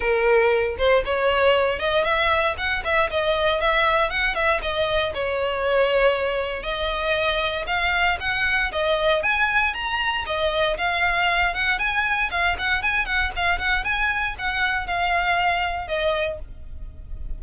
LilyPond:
\new Staff \with { instrumentName = "violin" } { \time 4/4 \tempo 4 = 117 ais'4. c''8 cis''4. dis''8 | e''4 fis''8 e''8 dis''4 e''4 | fis''8 e''8 dis''4 cis''2~ | cis''4 dis''2 f''4 |
fis''4 dis''4 gis''4 ais''4 | dis''4 f''4. fis''8 gis''4 | f''8 fis''8 gis''8 fis''8 f''8 fis''8 gis''4 | fis''4 f''2 dis''4 | }